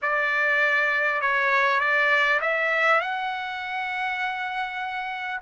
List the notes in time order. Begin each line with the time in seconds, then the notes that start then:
0.01 D5
1.21 C#5
1.79 D5
2.41 E5
3.00 F#5